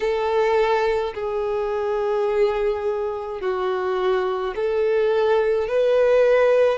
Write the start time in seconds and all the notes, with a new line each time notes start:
0.00 A4
1.14 G#4
3.40 F#4
4.55 A4
5.68 B4